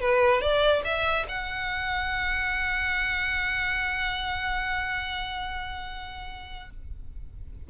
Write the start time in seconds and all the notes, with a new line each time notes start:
0.00 B4
0.41 D5
0.84 E5
1.28 F#5